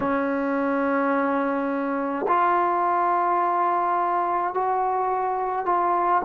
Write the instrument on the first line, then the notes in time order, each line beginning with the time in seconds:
trombone
0.00 C#4
2.27 F4
4.54 F#4
5.65 F4